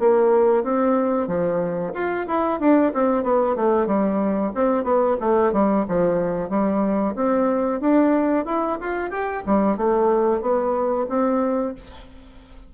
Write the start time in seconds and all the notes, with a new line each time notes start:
0.00 A#3
0.63 C4
1.27 F3
1.94 F4
2.27 E4
2.60 D4
2.94 C4
3.23 B3
3.56 A3
3.87 G3
4.55 C4
4.84 B3
5.20 A3
5.53 G3
5.88 F3
6.50 G3
7.16 C4
7.81 D4
8.46 E4
8.81 F4
9.10 G4
9.46 G3
9.77 A3
10.41 B3
11.09 C4